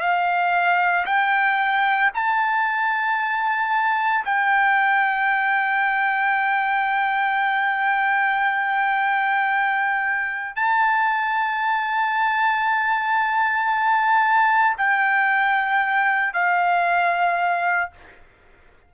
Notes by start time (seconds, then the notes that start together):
0.00 F5
1.06 G5
2.14 A5
4.25 G5
10.56 A5
14.78 G5
16.33 F5